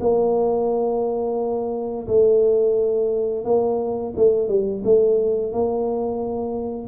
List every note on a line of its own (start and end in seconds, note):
0.00 2.07 A#3
2.07 3.45 A3
3.45 4.14 A#3
4.16 4.48 A3
4.48 4.82 G3
4.84 5.52 A3
5.52 6.88 A#3